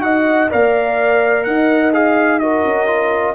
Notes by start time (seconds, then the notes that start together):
0.00 D#4 F#4 D#5 F#5
0.50 A#3 A#4 D5 F5
1.44 D#4 D#5 F#5
1.93 G#4 F5
2.39 F#4 A#4 D#5
2.64 C#4
2.87 F4